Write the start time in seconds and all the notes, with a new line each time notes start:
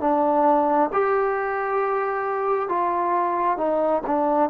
0.00 D4
0.92 G4
2.69 F4
3.57 D#4
4.06 D4